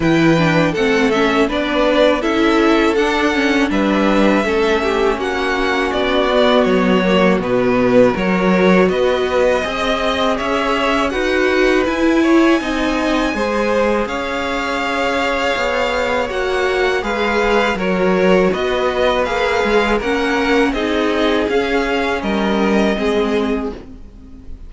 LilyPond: <<
  \new Staff \with { instrumentName = "violin" } { \time 4/4 \tempo 4 = 81 g''4 fis''8 e''8 d''4 e''4 | fis''4 e''2 fis''4 | d''4 cis''4 b'4 cis''4 | dis''2 e''4 fis''4 |
gis''2. f''4~ | f''2 fis''4 f''4 | cis''4 dis''4 f''4 fis''4 | dis''4 f''4 dis''2 | }
  \new Staff \with { instrumentName = "violin" } { \time 4/4 b'4 a'4 b'4 a'4~ | a'4 b'4 a'8 g'8 fis'4~ | fis'2. ais'4 | b'4 dis''4 cis''4 b'4~ |
b'8 cis''8 dis''4 c''4 cis''4~ | cis''2. b'4 | ais'4 b'2 ais'4 | gis'2 ais'4 gis'4 | }
  \new Staff \with { instrumentName = "viola" } { \time 4/4 e'8 d'8 c'8 cis'8 d'4 e'4 | d'8 cis'8 d'4 cis'2~ | cis'8 b4 ais8 b4 fis'4~ | fis'4 gis'2 fis'4 |
e'4 dis'4 gis'2~ | gis'2 fis'4 gis'4 | fis'2 gis'4 cis'4 | dis'4 cis'2 c'4 | }
  \new Staff \with { instrumentName = "cello" } { \time 4/4 e4 a4 b4 cis'4 | d'4 g4 a4 ais4 | b4 fis4 b,4 fis4 | b4 c'4 cis'4 dis'4 |
e'4 c'4 gis4 cis'4~ | cis'4 b4 ais4 gis4 | fis4 b4 ais8 gis8 ais4 | c'4 cis'4 g4 gis4 | }
>>